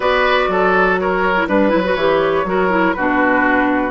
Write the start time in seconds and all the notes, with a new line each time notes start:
0.00 B3 F#4 B4 D5
0.47 F#3 A4
0.98 A#4 C#5
1.36 E4
1.48 G3 D4 B4
1.69 F#3 E4
1.84 F#4
1.95 E3 G4 C#5
2.44 F#3 F#4 A#4
2.69 E4
2.93 B2 D4 F#4 B4